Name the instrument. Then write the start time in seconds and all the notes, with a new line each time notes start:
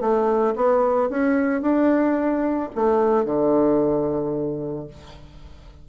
bassoon
0.00 A3
0.55 B3
1.09 C#4
1.61 D4
2.75 A3
3.25 D3